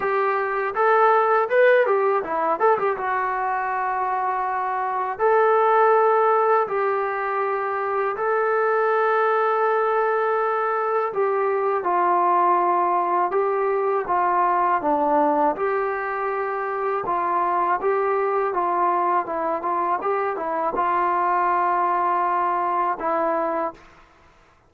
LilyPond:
\new Staff \with { instrumentName = "trombone" } { \time 4/4 \tempo 4 = 81 g'4 a'4 b'8 g'8 e'8 a'16 g'16 | fis'2. a'4~ | a'4 g'2 a'4~ | a'2. g'4 |
f'2 g'4 f'4 | d'4 g'2 f'4 | g'4 f'4 e'8 f'8 g'8 e'8 | f'2. e'4 | }